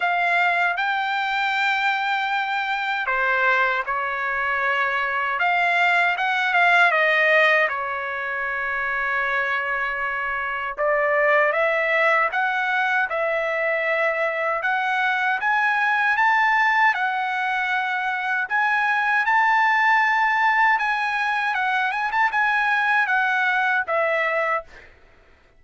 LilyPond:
\new Staff \with { instrumentName = "trumpet" } { \time 4/4 \tempo 4 = 78 f''4 g''2. | c''4 cis''2 f''4 | fis''8 f''8 dis''4 cis''2~ | cis''2 d''4 e''4 |
fis''4 e''2 fis''4 | gis''4 a''4 fis''2 | gis''4 a''2 gis''4 | fis''8 gis''16 a''16 gis''4 fis''4 e''4 | }